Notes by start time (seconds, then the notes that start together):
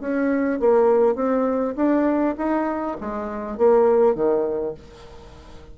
0.00 C#4
0.59 A#3
1.15 C4
1.76 D4
2.38 D#4
3.00 G#3
3.58 A#3
4.15 D#3